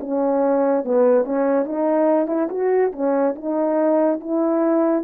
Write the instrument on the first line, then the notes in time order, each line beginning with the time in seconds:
horn
0.00 C#4
0.84 B3
1.24 C#4
1.64 D#4
2.27 E4
2.49 F#4
2.92 C#4
3.35 D#4
4.20 E4